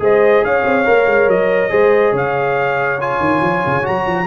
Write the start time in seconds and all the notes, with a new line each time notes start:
0.00 G#3 G#4 C5 D#5
0.43 C#4 C#5 F5
0.65 C4
0.86 A#3 A#4
1.07 G#3
1.28 F#3 D#5
1.70 G#3 G#4 C5
2.12 C#3 C#5 F5
3.01 F4 G#5
3.20 D#3
3.42 F3
3.66 C#3
3.83 F#3 F#4 A#5
4.07 F3